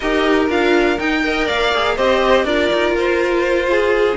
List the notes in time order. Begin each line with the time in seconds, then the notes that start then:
0.00 D#4 G4 A#4 D#5
0.49 D4 F4 F5
0.98 D#4 G5
1.23 A#4 D#5
1.45 A#3 D5 F5
1.74 G#4
1.95 C4 G4 C5 D#5
2.44 D4 F4 A#4 D5
2.73 D#4
2.91 F4
2.97 C5
3.70 G#4